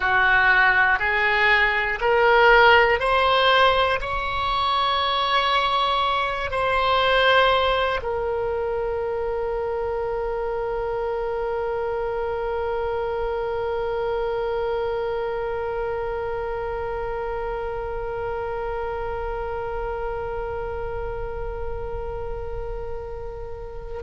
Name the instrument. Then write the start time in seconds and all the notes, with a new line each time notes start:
oboe
0.00 F#4
0.99 G#4
2.00 A#4
3.00 C5
4.00 C#5
6.50 C5
8.02 A#4